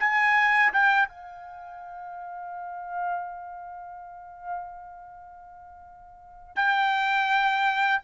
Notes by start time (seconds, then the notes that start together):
0.00 G#5
0.74 G5
1.09 F5
6.56 G5